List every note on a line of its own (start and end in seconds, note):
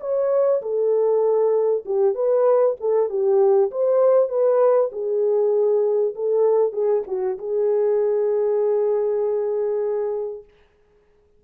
0.00 0.61 C#5
0.62 1.84 A4
1.85 2.15 G4
2.15 2.76 B4
2.80 3.09 A4
3.09 3.71 G4
3.71 4.29 C5
4.29 4.90 B4
4.92 6.15 G#4
6.15 6.72 A4
6.72 7.03 G#4
7.07 7.38 F#4
7.38 10.44 G#4